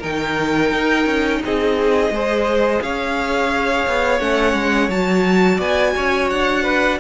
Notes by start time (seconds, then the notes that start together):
0.00 D#3 D#4 A#4 G5
0.72 D#4
1.06 C#4
1.45 C4 G#4 D#5
2.11 G#3 G#4 C5
2.82 C#4 C#5 F5
3.88 B3
4.20 A3 C#4 F#5
4.54 G#3
4.89 F#3 F#4 A5
5.57 B3 D5 G#5
5.97 C#4 C#5
6.30 D4 F#5
6.64 B4